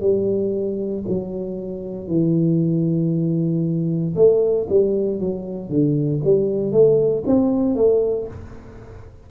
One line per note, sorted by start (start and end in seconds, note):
0.00 1.03 G3
1.08 2.07 F#3
2.07 4.14 E3
4.15 4.67 A3
4.69 5.20 G3
5.20 5.69 F#3
5.69 6.21 D3
6.24 6.71 G3
6.71 7.23 A3
7.26 7.75 C4
7.75 8.27 A3